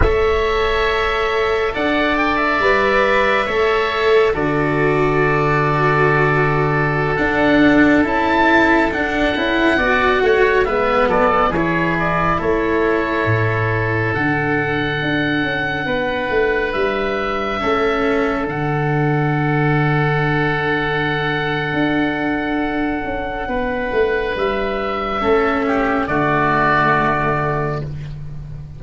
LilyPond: <<
  \new Staff \with { instrumentName = "oboe" } { \time 4/4 \tempo 4 = 69 e''2 fis''8 g''16 e''4~ e''16~ | e''4 d''2.~ | d''16 fis''4 a''4 fis''4.~ fis''16~ | fis''16 e''8 d''8 cis''8 d''8 cis''4.~ cis''16~ |
cis''16 fis''2. e''8.~ | e''4~ e''16 fis''2~ fis''8.~ | fis''1 | e''2 d''2 | }
  \new Staff \with { instrumentName = "oboe" } { \time 4/4 cis''2 d''2 | cis''4 a'2.~ | a'2.~ a'16 d''8 cis''16~ | cis''16 b'8 a'8 gis'4 a'4.~ a'16~ |
a'2~ a'16 b'4.~ b'16~ | b'16 a'2.~ a'8.~ | a'2. b'4~ | b'4 a'8 g'8 fis'2 | }
  \new Staff \with { instrumentName = "cello" } { \time 4/4 a'2. b'4 | a'4 fis'2.~ | fis'16 d'4 e'4 d'8 e'8 fis'8.~ | fis'16 b4 e'2~ e'8.~ |
e'16 d'2.~ d'8.~ | d'16 cis'4 d'2~ d'8.~ | d'1~ | d'4 cis'4 a2 | }
  \new Staff \with { instrumentName = "tuba" } { \time 4/4 a2 d'4 g4 | a4 d2.~ | d16 d'4 cis'4 d'8 cis'8 b8 a16~ | a16 gis8 fis8 e4 a4 a,8.~ |
a,16 d4 d'8 cis'8 b8 a8 g8.~ | g16 a4 d2~ d8.~ | d4 d'4. cis'8 b8 a8 | g4 a4 d2 | }
>>